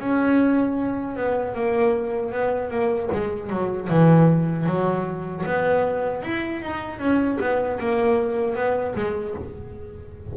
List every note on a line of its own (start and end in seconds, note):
0.00 1.17 C#4
1.17 1.55 B3
1.55 2.32 A#3
2.32 2.71 B3
2.71 3.10 A#3
3.12 3.50 G#3
3.50 3.89 F#3
3.90 4.67 E3
4.67 5.45 F#3
5.46 6.23 B3
6.23 6.62 E4
6.63 7.00 D#4
7.00 7.38 C#4
7.41 7.80 B3
7.80 8.56 A#3
8.56 8.95 B3
8.96 9.35 G#3